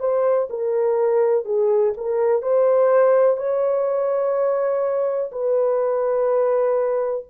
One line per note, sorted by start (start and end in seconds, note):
0.00 0.48 C5
0.50 1.45 A#4
1.45 1.93 G#4
1.97 2.42 A#4
2.42 3.37 C5
3.37 5.30 C#5
5.32 7.25 B4